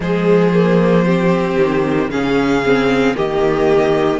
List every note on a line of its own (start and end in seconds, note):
0.00 1.57 F3
0.00 0.52 G#3
0.00 1.05 G#4
0.00 2.10 C5
0.53 1.05 A#3
1.05 2.10 C4
1.05 2.10 G4
1.57 2.09 D#3
2.09 3.14 C#3
2.09 2.63 C#4
2.09 3.15 G#4
2.09 3.15 F5
2.65 3.14 C4
3.14 4.20 D#3
3.14 4.20 A#3
3.14 4.20 G4
3.14 4.20 D#5